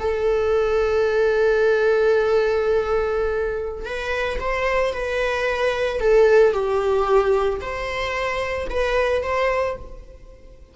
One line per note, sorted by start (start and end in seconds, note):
0.00 3.86 A4
3.86 4.39 B4
4.40 4.94 C5
4.94 6.01 B4
6.01 6.53 A4
6.53 7.60 G4
7.61 8.68 C5
8.70 9.23 B4
9.23 9.76 C5